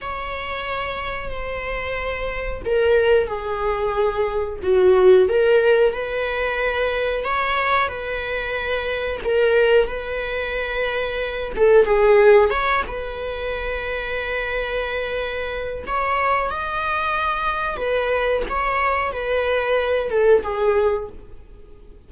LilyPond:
\new Staff \with { instrumentName = "viola" } { \time 4/4 \tempo 4 = 91 cis''2 c''2 | ais'4 gis'2 fis'4 | ais'4 b'2 cis''4 | b'2 ais'4 b'4~ |
b'4. a'8 gis'4 cis''8 b'8~ | b'1 | cis''4 dis''2 b'4 | cis''4 b'4. a'8 gis'4 | }